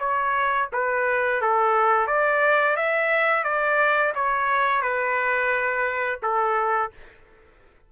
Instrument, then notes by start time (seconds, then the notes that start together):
trumpet
0.00 C#5
0.73 B4
1.41 A4
2.07 D5
2.76 E5
3.44 D5
4.15 C#5
4.82 B4
6.23 A4